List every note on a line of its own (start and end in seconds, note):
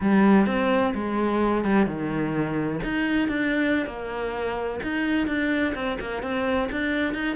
0.01 0.46 G3
0.46 0.93 C4
0.94 1.64 G#3
1.64 1.86 G3
1.86 2.80 D#3
2.83 3.28 D#4
3.28 3.86 D4
3.86 4.80 A#3
4.83 5.27 D#4
5.27 5.74 D4
5.74 5.98 C4
6.00 6.22 A#3
6.22 6.69 C4
6.71 7.14 D4
7.14 7.36 D#4